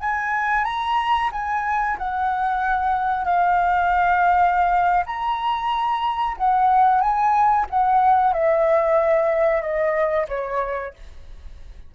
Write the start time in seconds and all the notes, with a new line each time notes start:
0.00 G#5
0.64 A#5
1.32 G#5
1.98 F#5
3.24 F5
5.06 A#5
6.37 F#5
7.00 G#5
7.70 F#5
8.33 E5
9.61 D#5
10.28 C#5